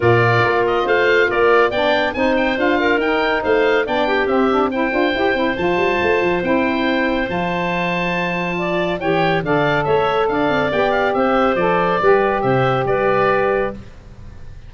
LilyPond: <<
  \new Staff \with { instrumentName = "oboe" } { \time 4/4 \tempo 4 = 140 d''4. dis''8 f''4 d''4 | g''4 gis''8 g''8 f''4 g''4 | f''4 g''4 e''4 g''4~ | g''4 a''2 g''4~ |
g''4 a''2.~ | a''4 g''4 f''4 e''4 | f''4 g''8 f''8 e''4 d''4~ | d''4 e''4 d''2 | }
  \new Staff \with { instrumentName = "clarinet" } { \time 4/4 ais'2 c''4 ais'4 | d''4 c''4. ais'4. | c''4 d''8 g'4. c''4~ | c''1~ |
c''1 | d''4 cis''4 d''4 cis''4 | d''2 c''2 | b'4 c''4 b'2 | }
  \new Staff \with { instrumentName = "saxophone" } { \time 4/4 f'1 | d'4 dis'4 f'4 dis'4~ | dis'4 d'4 c'8 d'8 e'8 f'8 | g'8 e'8 f'2 e'4~ |
e'4 f'2.~ | f'4 g'4 a'2~ | a'4 g'2 a'4 | g'1 | }
  \new Staff \with { instrumentName = "tuba" } { \time 4/4 ais,4 ais4 a4 ais4 | b4 c'4 d'4 dis'4 | a4 b4 c'4. d'8 | e'8 c'8 f8 g8 a8 f8 c'4~ |
c'4 f2.~ | f4 e4 d4 a4 | d'8 c'8 b4 c'4 f4 | g4 c4 g2 | }
>>